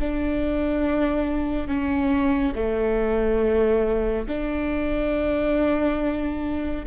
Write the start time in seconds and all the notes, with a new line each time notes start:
0.00 D4
1.68 C#4
2.56 A3
4.29 D4